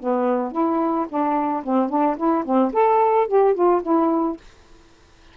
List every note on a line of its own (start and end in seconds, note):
0.00 0.52 B3
0.52 1.07 E4
1.09 1.63 D4
1.64 1.89 C4
1.89 2.17 D4
2.17 2.44 E4
2.45 2.73 C4
2.73 3.28 A4
3.28 3.55 G4
3.55 3.82 F4
3.83 4.37 E4